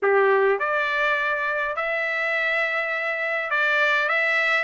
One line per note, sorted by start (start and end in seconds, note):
0.02 0.59 G4
0.59 1.76 D5
1.76 3.50 E5
3.50 4.08 D5
4.09 4.64 E5